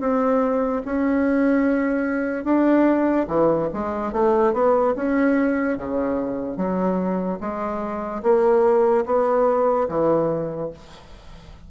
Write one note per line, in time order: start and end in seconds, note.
0.00 0.82 C4
0.85 2.44 C#4
2.44 3.27 D4
3.28 3.69 E3
3.73 4.12 G#3
4.12 4.53 A3
4.53 4.94 B3
4.95 5.78 C#4
5.78 6.57 C#3
6.57 7.39 F#3
7.40 8.22 G#3
8.23 9.05 A#3
9.06 9.88 B3
9.88 10.70 E3